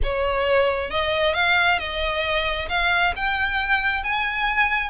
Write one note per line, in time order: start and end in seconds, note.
0.03 0.90 C#5
0.90 1.34 D#5
1.34 1.78 F5
1.78 2.68 D#5
2.68 3.13 F5
3.16 4.03 G5
4.03 4.89 G#5